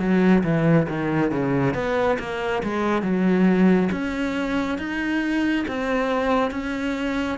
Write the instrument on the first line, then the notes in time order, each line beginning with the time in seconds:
cello
0.00 F#3
0.44 E3
0.89 D#3
1.32 C#3
1.75 B3
2.19 A#3
2.64 G#3
3.03 F#3
3.92 C#4
4.79 D#4
5.68 C4
6.51 C#4